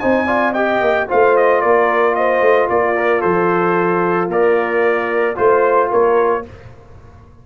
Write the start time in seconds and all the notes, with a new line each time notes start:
0.00 C4 D#4 C5 G#5
0.27 F4 D5
0.53 G4 D#5 G5
0.81 A#3
1.09 A3 F4 C5 F5
1.37 D#5
1.61 A#3 A#4 D5
2.15 C5 D#5
2.41 A3
2.69 A#3 F4 D5
2.96 A#4
3.21 F3 A4 C5
4.29 A#3 A#4 D5
5.36 A3 F4 C5
5.91 A#3 A#4 C#5